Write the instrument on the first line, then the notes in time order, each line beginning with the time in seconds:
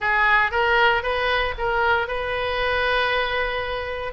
oboe
0.00 G#4
0.51 A#4
1.02 B4
1.58 A#4
2.07 B4